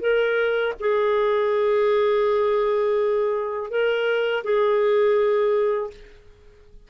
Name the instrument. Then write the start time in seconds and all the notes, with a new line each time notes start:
clarinet
0.00 A#4
0.79 G#4
3.70 A#4
4.44 G#4